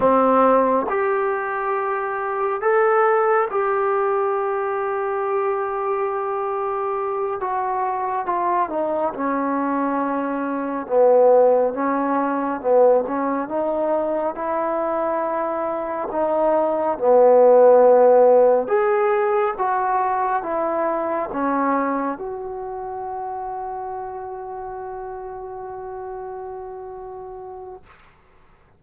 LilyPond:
\new Staff \with { instrumentName = "trombone" } { \time 4/4 \tempo 4 = 69 c'4 g'2 a'4 | g'1~ | g'8 fis'4 f'8 dis'8 cis'4.~ | cis'8 b4 cis'4 b8 cis'8 dis'8~ |
dis'8 e'2 dis'4 b8~ | b4. gis'4 fis'4 e'8~ | e'8 cis'4 fis'2~ fis'8~ | fis'1 | }